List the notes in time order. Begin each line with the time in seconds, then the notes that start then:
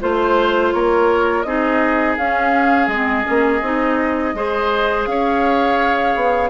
0.00 A3 F4 C5
0.72 A#3 A#4 C#5
1.42 C4 D#4 G#4 D#5
2.17 C#4 F5
2.87 G#3 C4 D#5
3.23 A#3 C#4
3.61 C4 D#4
4.34 G#3 G#4 C5
5.05 C#4 C#5 F5
6.15 B3